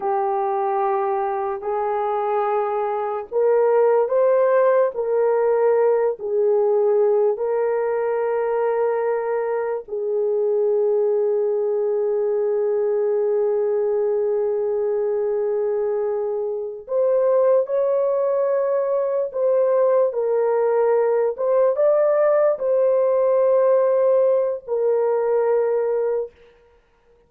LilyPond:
\new Staff \with { instrumentName = "horn" } { \time 4/4 \tempo 4 = 73 g'2 gis'2 | ais'4 c''4 ais'4. gis'8~ | gis'4 ais'2. | gis'1~ |
gis'1~ | gis'8 c''4 cis''2 c''8~ | c''8 ais'4. c''8 d''4 c''8~ | c''2 ais'2 | }